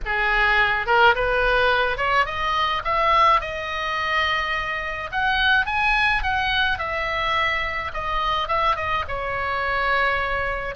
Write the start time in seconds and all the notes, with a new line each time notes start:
0.05 G#4
0.86 A#4
1.15 B4
1.97 C#5
2.25 D#5
2.84 E5
3.40 D#5
5.11 F#5
5.66 G#5
6.23 F#5
6.78 E5
7.93 D#5
8.48 E5
8.76 D#5
9.08 C#5